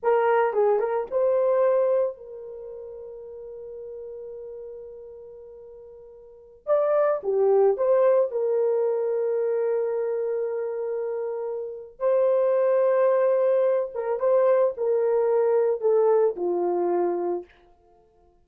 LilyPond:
\new Staff \with { instrumentName = "horn" } { \time 4/4 \tempo 4 = 110 ais'4 gis'8 ais'8 c''2 | ais'1~ | ais'1~ | ais'16 d''4 g'4 c''4 ais'8.~ |
ais'1~ | ais'2 c''2~ | c''4. ais'8 c''4 ais'4~ | ais'4 a'4 f'2 | }